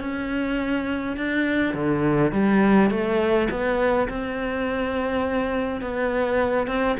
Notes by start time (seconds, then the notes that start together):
0.00 C#4
1.17 D4
1.74 D3
2.31 G3
2.90 A3
3.50 B3
4.08 C4
5.81 B3
6.67 C4